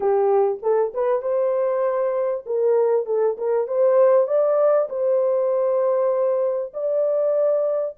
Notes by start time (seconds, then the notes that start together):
0.00 G4
0.62 A4
0.94 B4
1.22 C5
2.45 A#4
3.06 A4
3.37 A#4
3.67 C5
4.27 D5
4.89 C5
6.73 D5